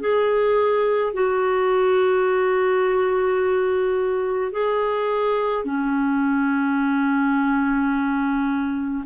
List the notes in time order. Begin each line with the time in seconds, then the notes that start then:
0.00 G#4
1.13 F#4
4.52 G#4
5.64 C#4